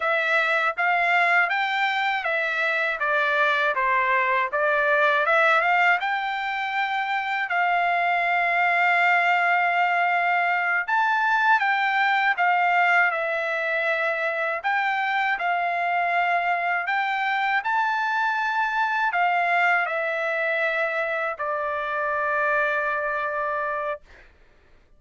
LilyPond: \new Staff \with { instrumentName = "trumpet" } { \time 4/4 \tempo 4 = 80 e''4 f''4 g''4 e''4 | d''4 c''4 d''4 e''8 f''8 | g''2 f''2~ | f''2~ f''8 a''4 g''8~ |
g''8 f''4 e''2 g''8~ | g''8 f''2 g''4 a''8~ | a''4. f''4 e''4.~ | e''8 d''2.~ d''8 | }